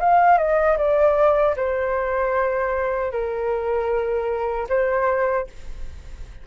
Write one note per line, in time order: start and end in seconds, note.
0.00 0.38 F5
0.38 0.77 D#5
0.78 1.55 D5
1.56 3.12 C5
3.12 4.68 A#4
4.69 5.47 C5